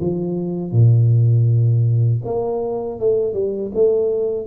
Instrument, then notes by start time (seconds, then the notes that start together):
tuba
0.00 F3
0.72 A#2
2.25 A#3
3.00 A3
3.34 G3
3.75 A3